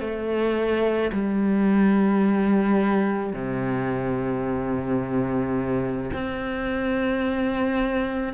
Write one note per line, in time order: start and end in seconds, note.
0.00 1.11 A3
1.12 3.33 G3
3.33 6.11 C3
6.13 8.33 C4